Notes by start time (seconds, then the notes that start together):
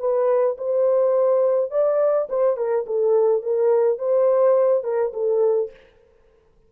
0.00 B4
0.58 C5
1.71 D5
2.29 C5
2.57 A#4
2.87 A4
3.43 A#4
3.99 C5
4.84 A#4
5.13 A4